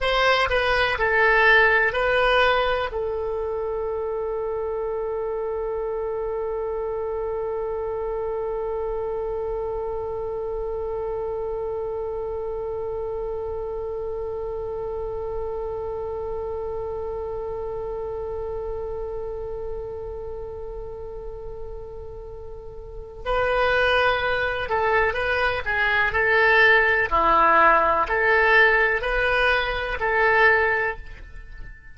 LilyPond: \new Staff \with { instrumentName = "oboe" } { \time 4/4 \tempo 4 = 62 c''8 b'8 a'4 b'4 a'4~ | a'1~ | a'1~ | a'1~ |
a'1~ | a'1 | b'4. a'8 b'8 gis'8 a'4 | e'4 a'4 b'4 a'4 | }